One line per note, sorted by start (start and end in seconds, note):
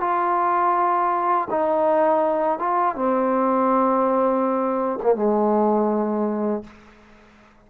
0.00 1.48 F4
1.50 2.59 D#4
2.59 2.95 F4
2.95 4.99 C4
5.03 5.15 A#3
5.15 6.64 G#3